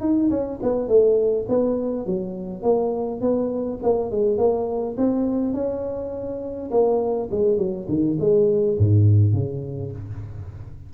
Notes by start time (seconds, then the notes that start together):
0.00 D#4
0.30 C#4
0.62 B3
0.88 A3
1.48 B3
2.05 F#3
2.62 A#3
3.21 B3
3.82 A#3
4.10 G#3
4.37 A#3
4.97 C4
5.53 C#4
6.70 A#3
7.31 G#3
7.58 F#3
7.88 D#3
8.19 G#3
8.77 G#2
9.33 C#3